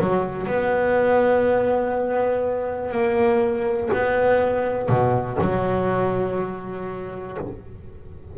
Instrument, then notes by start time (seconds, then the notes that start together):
double bass
0.00 F#3
0.47 B3
2.91 A#3
3.93 B3
4.89 B2
5.41 F#3